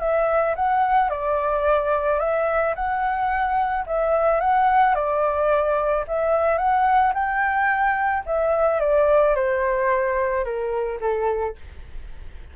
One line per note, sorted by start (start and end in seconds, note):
0.00 0.55 E5
0.56 1.10 F#5
1.10 2.19 D5
2.19 2.74 E5
2.75 3.85 F#5
3.87 4.40 E5
4.40 4.95 F#5
4.95 6.05 D5
6.08 6.58 E5
6.58 7.13 F#5
7.14 8.24 G5
8.26 8.80 E5
8.80 9.35 D5
9.35 10.44 C5
10.44 10.99 A#4
11.01 11.56 A4